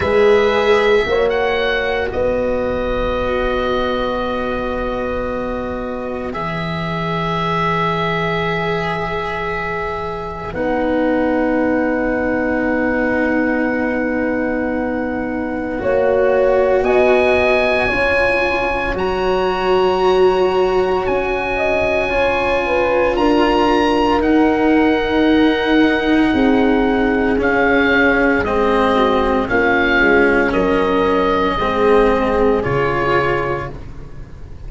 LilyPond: <<
  \new Staff \with { instrumentName = "oboe" } { \time 4/4 \tempo 4 = 57 e''4~ e''16 fis''8. dis''2~ | dis''2 e''2~ | e''2 fis''2~ | fis''1 |
gis''2 ais''2 | gis''2 ais''4 fis''4~ | fis''2 f''4 dis''4 | f''4 dis''2 cis''4 | }
  \new Staff \with { instrumentName = "horn" } { \time 4/4 b'4 cis''4 b'2~ | b'1~ | b'1~ | b'2. cis''4 |
dis''4 cis''2.~ | cis''8 dis''8 cis''8 b'8 ais'2~ | ais'4 gis'2~ gis'8 fis'8 | f'4 ais'4 gis'2 | }
  \new Staff \with { instrumentName = "cello" } { \time 4/4 gis'4 fis'2.~ | fis'2 gis'2~ | gis'2 dis'2~ | dis'2. fis'4~ |
fis'4 f'4 fis'2~ | fis'4 f'2 dis'4~ | dis'2 cis'4 c'4 | cis'2 c'4 f'4 | }
  \new Staff \with { instrumentName = "tuba" } { \time 4/4 gis4 ais4 b2~ | b2 e2~ | e2 b2~ | b2. ais4 |
b4 cis'4 fis2 | cis'2 d'4 dis'4~ | dis'4 c'4 cis'4 gis4 | ais8 gis8 fis4 gis4 cis4 | }
>>